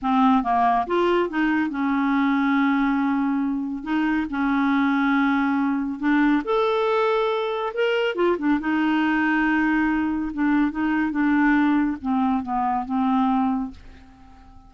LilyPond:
\new Staff \with { instrumentName = "clarinet" } { \time 4/4 \tempo 4 = 140 c'4 ais4 f'4 dis'4 | cis'1~ | cis'4 dis'4 cis'2~ | cis'2 d'4 a'4~ |
a'2 ais'4 f'8 d'8 | dis'1 | d'4 dis'4 d'2 | c'4 b4 c'2 | }